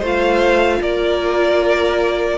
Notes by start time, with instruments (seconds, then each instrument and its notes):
0.00 cello A3, viola F4, violin C5
0.07 violin F5
0.81 cello A#3, violin A#4 D5